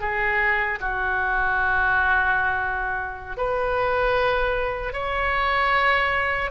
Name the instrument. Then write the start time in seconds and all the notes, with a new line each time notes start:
oboe
0.00 G#4
0.80 F#4
3.37 B4
4.93 C#5